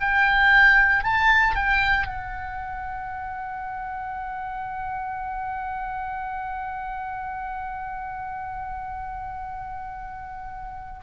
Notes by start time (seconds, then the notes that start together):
0.00 G5
1.03 A5
1.55 G5
2.06 F#5